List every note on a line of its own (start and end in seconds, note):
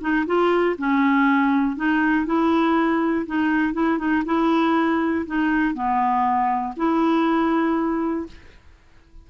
0.00 0.25 D#4
0.26 0.76 F4
0.78 1.76 C#4
1.76 2.25 D#4
2.25 3.25 E4
3.26 3.73 D#4
3.73 3.98 E4
3.98 4.23 D#4
4.25 5.25 E4
5.26 5.74 D#4
5.74 6.74 B3
6.76 8.26 E4